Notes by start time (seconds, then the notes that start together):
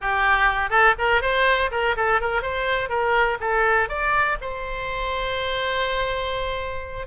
0.01 G4
0.69 A4
0.98 A#4
1.21 C5
1.71 A#4
1.96 A4
2.20 A#4
2.42 C5
2.89 A#4
3.40 A4
3.88 D5
4.41 C5